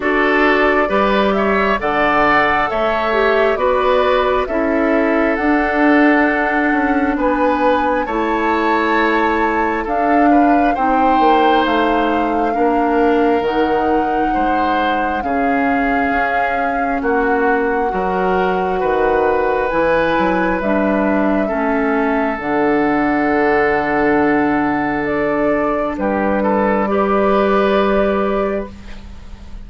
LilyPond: <<
  \new Staff \with { instrumentName = "flute" } { \time 4/4 \tempo 4 = 67 d''4. e''8 fis''4 e''4 | d''4 e''4 fis''2 | gis''4 a''2 f''4 | g''4 f''2 fis''4~ |
fis''4 f''2 fis''4~ | fis''2 gis''4 e''4~ | e''4 fis''2. | d''4 b'4 d''2 | }
  \new Staff \with { instrumentName = "oboe" } { \time 4/4 a'4 b'8 cis''8 d''4 cis''4 | b'4 a'2. | b'4 cis''2 a'8 b'8 | c''2 ais'2 |
c''4 gis'2 fis'4 | ais'4 b'2. | a'1~ | a'4 g'8 a'8 b'2 | }
  \new Staff \with { instrumentName = "clarinet" } { \time 4/4 fis'4 g'4 a'4. g'8 | fis'4 e'4 d'2~ | d'4 e'2 d'4 | dis'2 d'4 dis'4~ |
dis'4 cis'2. | fis'2 e'4 d'4 | cis'4 d'2.~ | d'2 g'2 | }
  \new Staff \with { instrumentName = "bassoon" } { \time 4/4 d'4 g4 d4 a4 | b4 cis'4 d'4. cis'8 | b4 a2 d'4 | c'8 ais8 a4 ais4 dis4 |
gis4 cis4 cis'4 ais4 | fis4 dis4 e8 fis8 g4 | a4 d2.~ | d4 g2. | }
>>